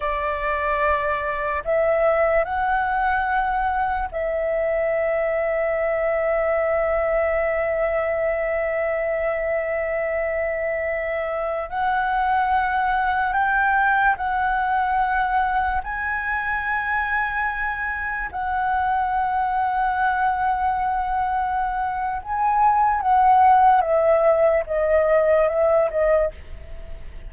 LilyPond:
\new Staff \with { instrumentName = "flute" } { \time 4/4 \tempo 4 = 73 d''2 e''4 fis''4~ | fis''4 e''2.~ | e''1~ | e''2~ e''16 fis''4.~ fis''16~ |
fis''16 g''4 fis''2 gis''8.~ | gis''2~ gis''16 fis''4.~ fis''16~ | fis''2. gis''4 | fis''4 e''4 dis''4 e''8 dis''8 | }